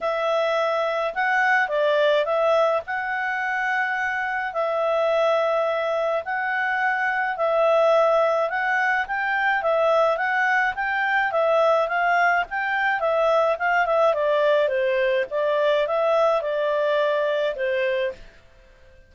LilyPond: \new Staff \with { instrumentName = "clarinet" } { \time 4/4 \tempo 4 = 106 e''2 fis''4 d''4 | e''4 fis''2. | e''2. fis''4~ | fis''4 e''2 fis''4 |
g''4 e''4 fis''4 g''4 | e''4 f''4 g''4 e''4 | f''8 e''8 d''4 c''4 d''4 | e''4 d''2 c''4 | }